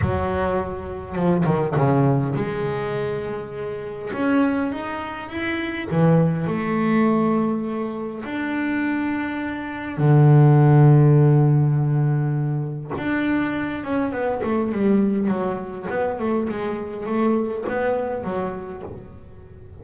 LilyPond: \new Staff \with { instrumentName = "double bass" } { \time 4/4 \tempo 4 = 102 fis2 f8 dis8 cis4 | gis2. cis'4 | dis'4 e'4 e4 a4~ | a2 d'2~ |
d'4 d2.~ | d2 d'4. cis'8 | b8 a8 g4 fis4 b8 a8 | gis4 a4 b4 fis4 | }